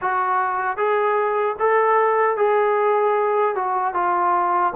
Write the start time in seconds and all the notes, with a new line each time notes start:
0.01 F#4
0.77 G#4
1.59 A4
2.36 G#4
3.55 F#4
3.94 F4